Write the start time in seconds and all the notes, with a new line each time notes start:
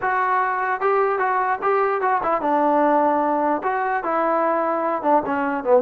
0.01 F#4
0.80 G4
1.18 F#4
1.62 G4
2.01 F#4
2.23 E4
2.41 D4
3.63 F#4
4.03 E4
5.02 D4
5.25 C#4
5.63 B3